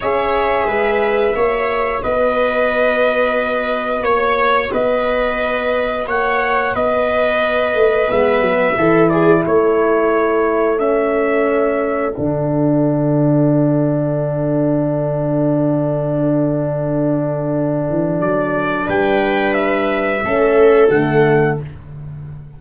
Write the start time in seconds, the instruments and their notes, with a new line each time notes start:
0.00 tuba C#4, horn G#4, viola C#5, trumpet E5
0.66 tuba G#3, viola B4
1.35 tuba A#3, horn F#4, viola C#5
2.03 tuba B3, viola B4, trumpet D#5
4.01 tuba A#3, trumpet C#5, viola C#5
4.71 tuba B3, viola B4, trumpet D#5
6.07 tuba A#3, viola C#5, trumpet F#5
6.74 tuba B3, viola B4, trumpet D#5
7.74 tuba A3
8.07 tuba G#3, horn B3, trumpet E5
8.40 tuba F#3
8.76 tuba E3, horn E4, viola A4
9.09 viola G#4, trumpet D5
9.45 tuba A3, viola A4, trumpet C#5
10.78 horn C#4, trumpet E5
12.13 tuba D3, horn D4, trumpet F#5
17.89 tuba E3
18.20 tuba F#3, trumpet D5
18.86 tuba G3, viola B4, trumpet G5
19.54 trumpet E5
20.23 tuba A3, horn C#4, viola A4
20.89 tuba D3, horn A3, trumpet F#5